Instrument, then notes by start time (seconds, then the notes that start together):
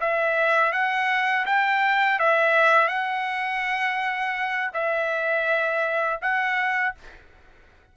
trumpet
0.00 E5
0.72 F#5
1.45 G5
2.19 E5
2.88 F#5
4.73 E5
6.21 F#5